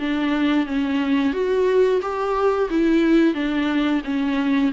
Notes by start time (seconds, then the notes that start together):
0.00 D4
0.67 C#4
1.34 F#4
2.02 G4
2.70 E4
3.35 D4
4.05 C#4